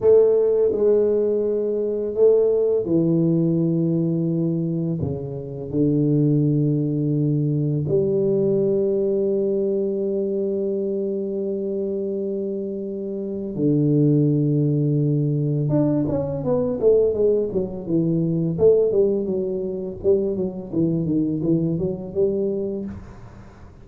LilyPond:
\new Staff \with { instrumentName = "tuba" } { \time 4/4 \tempo 4 = 84 a4 gis2 a4 | e2. cis4 | d2. g4~ | g1~ |
g2. d4~ | d2 d'8 cis'8 b8 a8 | gis8 fis8 e4 a8 g8 fis4 | g8 fis8 e8 dis8 e8 fis8 g4 | }